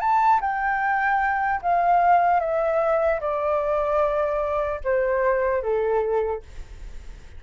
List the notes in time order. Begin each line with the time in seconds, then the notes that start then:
0.00 A5
0.41 G5
1.62 F5
2.40 E5
3.21 D5
4.84 C5
5.63 A4